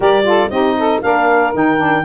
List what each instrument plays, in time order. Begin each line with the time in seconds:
0.00 tuba G3, saxophone G4 A#4, clarinet D5
0.23 saxophone F4 A4
0.49 tuba C4, saxophone D#4 G4, clarinet D#5
0.78 saxophone A4
1.01 tuba A#3, saxophone D4 A#4, clarinet F5
1.53 tuba D#3, saxophone D#4, clarinet G5
1.77 saxophone D4